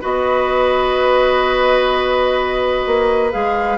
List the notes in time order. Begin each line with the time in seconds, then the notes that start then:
0.00 B3 F#4 B4 D#5
2.86 A#3
3.31 G#3 G#4 F5